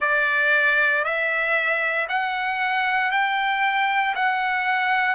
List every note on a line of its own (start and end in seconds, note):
0.00 1.04 D5
1.04 2.07 E5
2.08 3.11 F#5
3.11 4.14 G5
4.15 5.15 F#5